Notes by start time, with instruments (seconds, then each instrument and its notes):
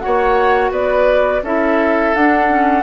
0.00 clarinet F#4, oboe C#5, flute F#5
0.06 bassoon A#3
0.71 bassoon B3, oboe B4, flute D5
1.42 bassoon C#4, clarinet E4, oboe A4, flute E5
2.15 bassoon D4, clarinet D4, flute F#5
2.48 clarinet C#4